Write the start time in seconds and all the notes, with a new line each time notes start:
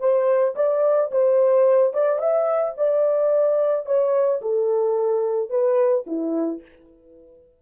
0.00 C5
0.56 D5
1.12 C5
1.94 D5
2.19 E5
2.77 D5
3.86 C#5
4.42 A4
5.50 B4
6.07 E4